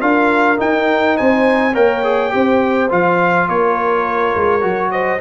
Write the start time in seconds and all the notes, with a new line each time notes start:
0.00 D4 F4 A#4 F5
0.57 D#4 G5
1.17 C4 C5 G#5
1.74 A#3 A#4 C#5 G5
2.03 G#4
2.30 C4 G4 C5
2.89 F3 F4 F5
3.49 A#3 A#4 C#5
4.36 G#3
4.61 F#3 F#4
4.91 C5 D#5